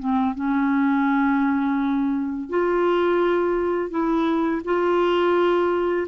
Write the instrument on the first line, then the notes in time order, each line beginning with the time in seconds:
clarinet
0.00 C4
0.35 C#4
2.50 F4
3.91 E4
4.65 F4